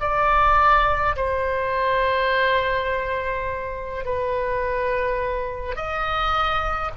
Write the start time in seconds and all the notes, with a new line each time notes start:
0.00 D5
1.16 C5
4.04 B4
5.75 D#5